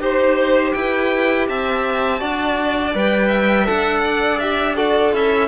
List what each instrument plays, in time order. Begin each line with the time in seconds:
0.00 cello D#4, trombone G4, violin C5
0.73 cello E4, violin B4 G5
1.48 cello C4, violin E5 A5
2.20 cello D4, trombone F#4, violin D5
2.95 cello G3, trombone B4, violin G5
3.28 violin E5
3.66 cello D4, trombone A4, violin F#5
4.04 violin D5
4.39 trombone G4, violin E5
4.76 trombone F#4, violin A4 D5
5.12 cello C#4, trombone E4, violin E5